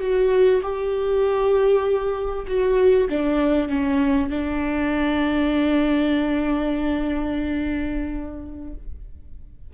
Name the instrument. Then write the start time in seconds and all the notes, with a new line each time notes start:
viola
0.00 F#4
0.62 G4
2.47 F#4
3.09 D4
3.68 C#4
4.29 D4